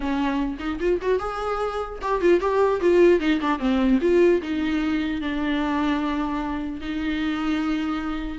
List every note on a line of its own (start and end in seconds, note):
0.00 0.57 C#4
0.59 0.79 D#4
0.79 0.99 F4
1.01 1.19 F#4
1.19 1.99 G#4
2.01 2.21 G4
2.21 2.40 F4
2.40 2.80 G4
2.80 3.19 F4
3.19 3.39 D#4
3.40 3.59 D4
3.59 3.99 C4
4.01 4.41 F4
4.42 5.21 D#4
5.21 6.80 D4
6.80 8.38 D#4